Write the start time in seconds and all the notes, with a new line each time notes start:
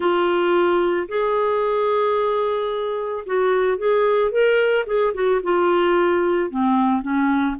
0.00 F4
1.08 G#4
3.26 F#4
3.77 G#4
4.31 A#4
4.86 G#4
5.14 F#4
5.43 F4
6.50 C4
7.02 C#4